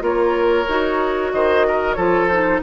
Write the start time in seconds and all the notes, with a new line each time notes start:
0.00 A#3 F4 A#4 C#5
0.68 D#4 F#4
1.31 D#3 C5 D#5
1.67 A#4
1.93 F3 F4 A4 C#5
2.28 D#4 C5